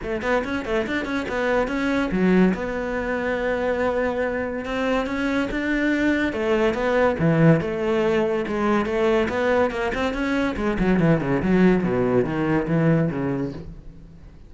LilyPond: \new Staff \with { instrumentName = "cello" } { \time 4/4 \tempo 4 = 142 a8 b8 cis'8 a8 d'8 cis'8 b4 | cis'4 fis4 b2~ | b2. c'4 | cis'4 d'2 a4 |
b4 e4 a2 | gis4 a4 b4 ais8 c'8 | cis'4 gis8 fis8 e8 cis8 fis4 | b,4 dis4 e4 cis4 | }